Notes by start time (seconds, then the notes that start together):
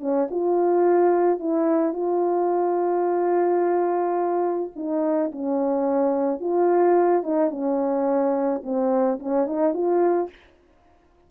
0.00 C#4
0.31 F4
1.39 E4
1.93 F4
4.76 D#4
5.32 C#4
6.40 F4
7.23 D#4
7.51 C#4
8.63 C4
9.19 C#4
9.46 D#4
9.74 F4